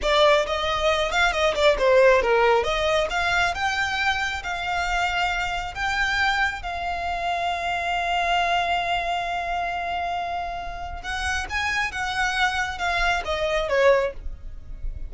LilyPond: \new Staff \with { instrumentName = "violin" } { \time 4/4 \tempo 4 = 136 d''4 dis''4. f''8 dis''8 d''8 | c''4 ais'4 dis''4 f''4 | g''2 f''2~ | f''4 g''2 f''4~ |
f''1~ | f''1~ | f''4 fis''4 gis''4 fis''4~ | fis''4 f''4 dis''4 cis''4 | }